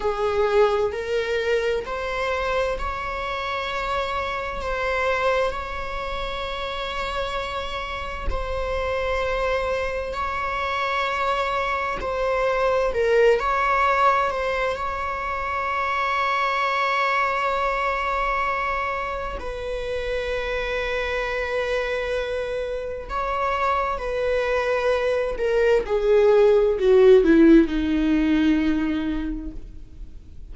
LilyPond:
\new Staff \with { instrumentName = "viola" } { \time 4/4 \tempo 4 = 65 gis'4 ais'4 c''4 cis''4~ | cis''4 c''4 cis''2~ | cis''4 c''2 cis''4~ | cis''4 c''4 ais'8 cis''4 c''8 |
cis''1~ | cis''4 b'2.~ | b'4 cis''4 b'4. ais'8 | gis'4 fis'8 e'8 dis'2 | }